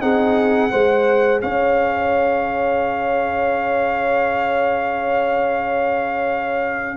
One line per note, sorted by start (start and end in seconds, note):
0.00 0.71 C4
0.00 0.70 D#4
0.00 0.71 G#4
0.00 1.41 F#5
0.70 1.42 G#3
0.70 6.97 G#4
0.70 1.41 C5
1.41 6.97 C#4
1.41 6.97 C#5
1.41 6.97 F5